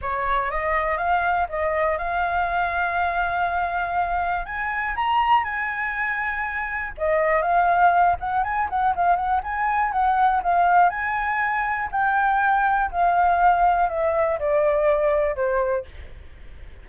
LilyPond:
\new Staff \with { instrumentName = "flute" } { \time 4/4 \tempo 4 = 121 cis''4 dis''4 f''4 dis''4 | f''1~ | f''4 gis''4 ais''4 gis''4~ | gis''2 dis''4 f''4~ |
f''8 fis''8 gis''8 fis''8 f''8 fis''8 gis''4 | fis''4 f''4 gis''2 | g''2 f''2 | e''4 d''2 c''4 | }